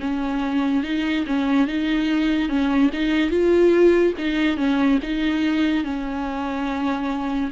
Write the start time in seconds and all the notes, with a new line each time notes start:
0.00 C#4
0.83 D#4
1.27 C#4
1.67 D#4
2.48 C#4
2.92 D#4
3.30 F4
4.18 D#4
4.57 C#4
5.02 D#4
5.84 C#4